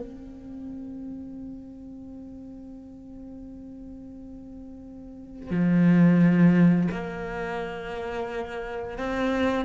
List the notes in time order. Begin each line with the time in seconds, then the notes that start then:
0.00 C4
5.50 F3
6.91 A#3
8.98 C4